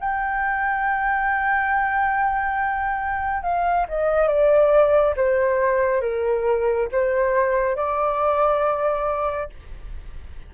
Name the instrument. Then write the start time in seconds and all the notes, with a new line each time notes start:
flute
0.00 G5
3.43 F5
3.89 D#5
4.28 D5
5.17 C5
6.01 A#4
6.92 C5
7.76 D5